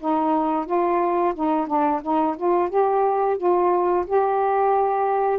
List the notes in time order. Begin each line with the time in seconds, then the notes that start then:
0.00 D#4
0.66 F4
1.35 D#4
1.67 D4
2.02 D#4
2.37 F4
2.70 G4
3.37 F4
4.07 G4